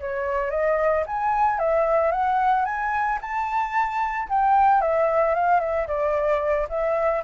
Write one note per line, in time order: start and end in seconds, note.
0.00 0.50 C#5
0.50 1.04 D#5
1.07 1.59 G#5
1.59 2.12 E5
2.12 2.65 F#5
2.65 3.19 G#5
3.21 4.28 A5
4.29 4.81 G5
4.81 5.34 E5
5.34 5.60 F5
5.60 5.87 E5
5.87 6.67 D5
6.69 7.23 E5